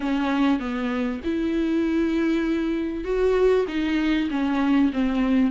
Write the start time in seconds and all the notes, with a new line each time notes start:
0.00 C#4
0.59 B3
1.24 E4
3.04 F#4
3.68 D#4
4.30 C#4
4.92 C4